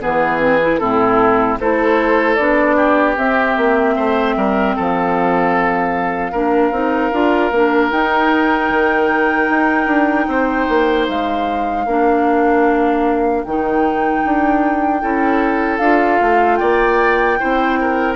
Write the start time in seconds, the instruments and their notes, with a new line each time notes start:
0.00 bassoon E3, clarinet B3, oboe G#4, flute B4
0.39 clarinet C4
0.62 clarinet E4
0.78 bassoon A2, clarinet C4, oboe E4, flute A4
1.59 bassoon A3, clarinet E4, oboe A4, flute C5
2.35 bassoon B3, clarinet D4, flute D5
2.76 oboe G4
3.17 clarinet C4, bassoon C4, flute E5
3.57 bassoon A#3
3.96 bassoon A3, oboe C5
4.36 bassoon G3, oboe A#4
4.75 bassoon F3, oboe A4, flute F5
6.32 bassoon A#3, clarinet D4, oboe A#4
6.71 bassoon C4, clarinet D#4
7.12 bassoon D4, clarinet F4
7.51 bassoon A#3, clarinet D4
7.91 clarinet D#4, bassoon D#4, flute G5
8.69 bassoon D#3
9.50 bassoon D#4
9.87 bassoon D4
10.28 bassoon C4, oboe C5
10.69 bassoon A#3
11.09 bassoon G#3, flute F5
11.86 bassoon A#3, clarinet D4, oboe A#4
13.44 bassoon D#3, clarinet D#4, flute G5
14.25 bassoon D4
15.01 bassoon C#4, clarinet E4, oboe A4
15.78 bassoon D4, clarinet F4, flute F5
16.21 bassoon A3
16.57 bassoon A#3, oboe D5, flute G5
17.38 bassoon C4, clarinet E4, oboe C5
17.81 oboe A#4